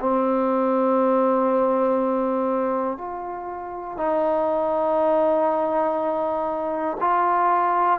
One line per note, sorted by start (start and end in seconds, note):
0.00 2.98 C4
2.98 3.98 F4
3.98 6.98 D#4
7.00 8.00 F4